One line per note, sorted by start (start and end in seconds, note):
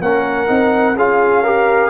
0.00 0.48 A#3
0.00 0.47 C#4
0.00 0.96 A#4
0.00 0.97 F#5
0.47 0.95 C4
0.47 0.94 D#4
0.95 1.90 C#4
0.95 1.44 F4
0.95 1.43 G#4
0.95 1.90 F5
1.43 1.90 G4
1.43 1.90 A#4